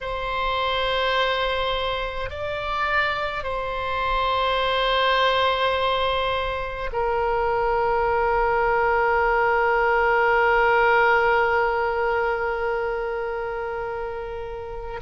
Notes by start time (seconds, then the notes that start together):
0.00 C5
2.30 D5
3.43 C5
6.92 A#4